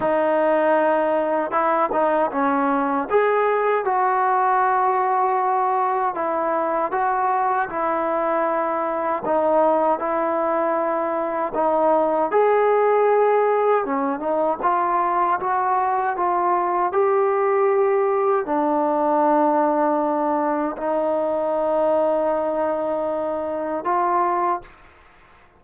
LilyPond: \new Staff \with { instrumentName = "trombone" } { \time 4/4 \tempo 4 = 78 dis'2 e'8 dis'8 cis'4 | gis'4 fis'2. | e'4 fis'4 e'2 | dis'4 e'2 dis'4 |
gis'2 cis'8 dis'8 f'4 | fis'4 f'4 g'2 | d'2. dis'4~ | dis'2. f'4 | }